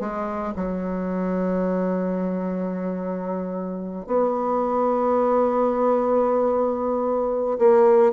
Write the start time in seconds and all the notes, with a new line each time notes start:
0.00 G#3
0.56 F#3
4.07 B3
7.59 A#3